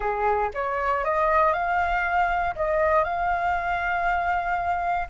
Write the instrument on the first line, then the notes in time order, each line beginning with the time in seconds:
flute
0.00 G#4
0.53 C#5
1.04 D#5
1.53 F5
2.55 D#5
3.04 F5